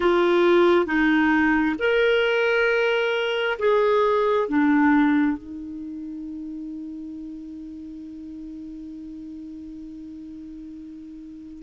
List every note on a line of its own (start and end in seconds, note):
0.00 0.85 F4
0.85 1.75 D#4
1.79 3.58 A#4
3.58 4.48 G#4
4.48 5.37 D4
5.37 11.62 D#4